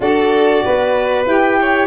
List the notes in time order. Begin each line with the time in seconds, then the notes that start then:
0.00 D4 F#4 A4 D5
0.64 B3 B4
1.26 E4 G4 G5
1.60 C#5